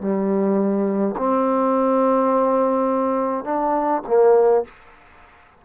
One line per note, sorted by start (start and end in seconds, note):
0.00 1.15 G3
1.17 3.44 C4
3.44 4.02 D4
4.07 4.65 A#3